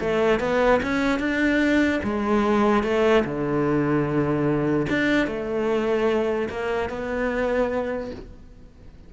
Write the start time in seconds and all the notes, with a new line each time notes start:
0.00 A3
0.40 B3
0.83 C#4
1.19 D4
2.03 G#3
2.83 A3
3.24 D3
4.89 D4
5.27 A3
6.49 A#3
6.89 B3